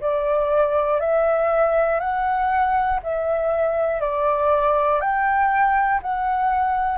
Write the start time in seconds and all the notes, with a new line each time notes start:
0.00 D5
1.00 E5
1.99 F#5
3.03 E5
4.00 D5
5.00 G5
6.02 F#5